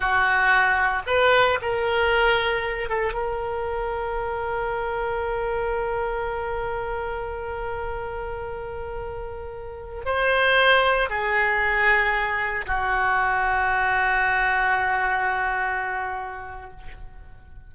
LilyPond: \new Staff \with { instrumentName = "oboe" } { \time 4/4 \tempo 4 = 115 fis'2 b'4 ais'4~ | ais'4. a'8 ais'2~ | ais'1~ | ais'1~ |
ais'2.~ ais'16 c''8.~ | c''4~ c''16 gis'2~ gis'8.~ | gis'16 fis'2.~ fis'8.~ | fis'1 | }